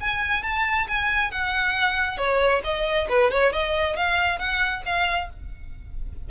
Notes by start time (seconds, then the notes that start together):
0.00 G#5
0.43 A5
0.88 G#5
1.31 F#5
2.17 C#5
2.64 D#5
3.09 B4
3.31 C#5
3.52 D#5
3.96 F5
4.38 F#5
4.85 F5